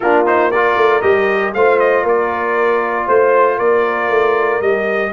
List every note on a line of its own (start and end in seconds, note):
0.00 0.76 A#3
0.00 0.26 D4
0.00 0.51 F4
0.00 0.25 A#4
0.26 0.51 D#4
0.26 0.51 C5
0.51 1.01 F4
0.51 1.53 A#4
0.51 1.01 D5
0.76 1.01 A3
1.01 1.54 G3
1.01 1.53 G4
1.01 1.52 D#5
1.54 2.03 A3
1.54 4.61 F4
1.54 2.03 C5
1.54 1.79 F5
1.79 2.04 D#5
2.03 3.06 A#3
2.03 3.06 A#4
2.03 3.08 D5
3.06 3.59 A3
3.06 3.57 C5
3.06 3.59 C5
3.57 4.09 A#3
3.57 5.11 A#4
3.57 4.61 D5
4.09 4.60 A3
4.60 5.12 G3
4.60 5.12 G4
4.60 5.12 D#5